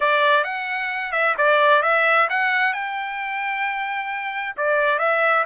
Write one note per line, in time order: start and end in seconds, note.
0.00 0.44 D5
0.44 1.12 F#5
1.12 1.35 E5
1.37 1.82 D5
1.82 2.28 E5
2.29 2.73 F#5
2.73 4.55 G5
4.57 4.99 D5
4.99 5.44 E5